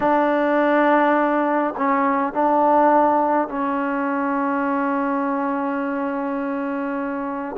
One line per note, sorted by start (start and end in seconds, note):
0.00 1.74 D4
1.77 2.33 C#4
2.33 3.48 D4
3.48 7.56 C#4